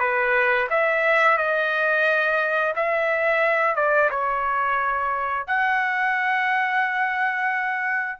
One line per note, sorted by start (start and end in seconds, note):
0.00 0.68 B4
0.70 1.38 E5
1.38 2.74 D#5
2.76 3.76 E5
3.76 4.10 D5
4.11 5.47 C#5
5.47 8.20 F#5